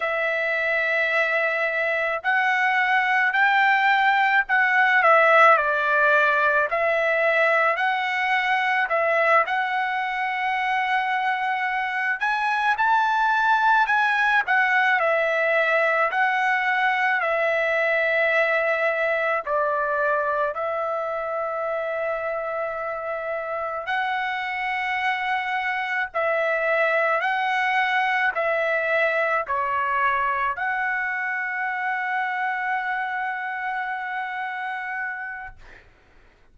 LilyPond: \new Staff \with { instrumentName = "trumpet" } { \time 4/4 \tempo 4 = 54 e''2 fis''4 g''4 | fis''8 e''8 d''4 e''4 fis''4 | e''8 fis''2~ fis''8 gis''8 a''8~ | a''8 gis''8 fis''8 e''4 fis''4 e''8~ |
e''4. d''4 e''4.~ | e''4. fis''2 e''8~ | e''8 fis''4 e''4 cis''4 fis''8~ | fis''1 | }